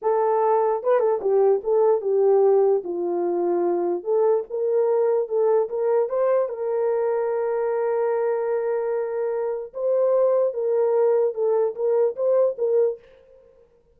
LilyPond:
\new Staff \with { instrumentName = "horn" } { \time 4/4 \tempo 4 = 148 a'2 b'8 a'8 g'4 | a'4 g'2 f'4~ | f'2 a'4 ais'4~ | ais'4 a'4 ais'4 c''4 |
ais'1~ | ais'1 | c''2 ais'2 | a'4 ais'4 c''4 ais'4 | }